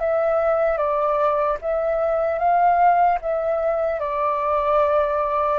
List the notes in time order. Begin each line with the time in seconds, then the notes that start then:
0.00 E5
0.78 D5
1.62 E5
2.39 F5
3.21 E5
4.00 D5